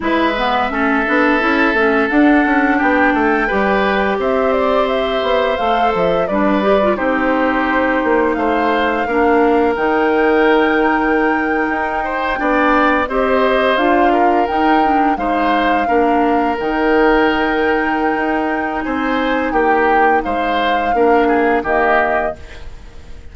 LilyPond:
<<
  \new Staff \with { instrumentName = "flute" } { \time 4/4 \tempo 4 = 86 e''2. fis''4 | g''2 e''8 d''8 e''4 | f''8 e''8 d''4 c''2 | f''2 g''2~ |
g''2~ g''8. dis''4 f''16~ | f''8. g''4 f''2 g''16~ | g''2. gis''4 | g''4 f''2 dis''4 | }
  \new Staff \with { instrumentName = "oboe" } { \time 4/4 b'4 a'2. | g'8 a'8 b'4 c''2~ | c''4 b'4 g'2 | c''4 ais'2.~ |
ais'4~ ais'16 c''8 d''4 c''4~ c''16~ | c''16 ais'4. c''4 ais'4~ ais'16~ | ais'2. c''4 | g'4 c''4 ais'8 gis'8 g'4 | }
  \new Staff \with { instrumentName = "clarinet" } { \time 4/4 e'8 b8 cis'8 d'8 e'8 cis'8 d'4~ | d'4 g'2. | a'4 d'8 g'16 f'16 dis'2~ | dis'4 d'4 dis'2~ |
dis'4.~ dis'16 d'4 g'4 f'16~ | f'8. dis'8 d'8 dis'4 d'4 dis'16~ | dis'1~ | dis'2 d'4 ais4 | }
  \new Staff \with { instrumentName = "bassoon" } { \time 4/4 gis4 a8 b8 cis'8 a8 d'8 cis'8 | b8 a8 g4 c'4. b8 | a8 f8 g4 c'4. ais8 | a4 ais4 dis2~ |
dis8. dis'4 b4 c'4 d'16~ | d'8. dis'4 gis4 ais4 dis16~ | dis2 dis'4 c'4 | ais4 gis4 ais4 dis4 | }
>>